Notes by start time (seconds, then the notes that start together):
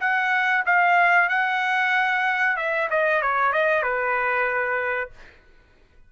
0.00 F#5
0.65 F5
1.29 F#5
2.56 E5
2.90 D#5
3.21 C#5
3.52 D#5
3.82 B4